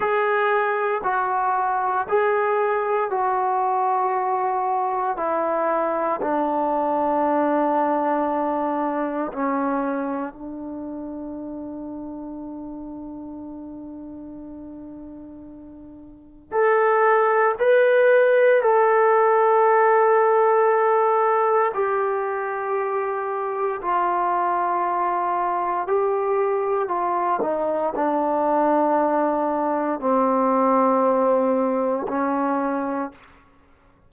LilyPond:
\new Staff \with { instrumentName = "trombone" } { \time 4/4 \tempo 4 = 58 gis'4 fis'4 gis'4 fis'4~ | fis'4 e'4 d'2~ | d'4 cis'4 d'2~ | d'1 |
a'4 b'4 a'2~ | a'4 g'2 f'4~ | f'4 g'4 f'8 dis'8 d'4~ | d'4 c'2 cis'4 | }